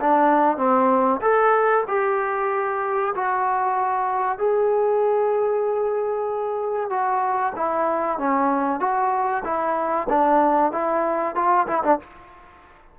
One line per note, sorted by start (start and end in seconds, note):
0.00 0.57 D4
0.57 1.20 C4
1.21 1.84 A4
1.88 3.14 G4
3.15 4.38 F#4
4.38 6.90 G#4
6.90 7.53 F#4
7.56 8.18 E4
8.18 8.80 C#4
8.80 9.43 F#4
9.44 10.07 E4
10.09 10.72 D4
10.72 11.35 E4
11.35 11.67 F4
11.67 11.83 E4
11.83 11.99 D4